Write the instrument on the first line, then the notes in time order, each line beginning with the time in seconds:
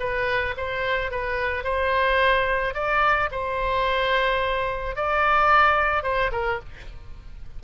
oboe
0.00 B4
0.57 C5
1.11 B4
1.64 C5
2.74 D5
3.32 C5
4.96 D5
6.03 C5
6.32 A#4